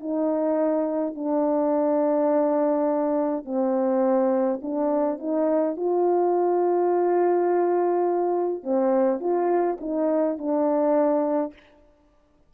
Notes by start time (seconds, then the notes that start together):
0.00 D#4
1.15 D4
3.45 C4
4.62 D4
5.19 D#4
5.76 F4
8.63 C4
9.20 F4
9.80 D#4
10.38 D4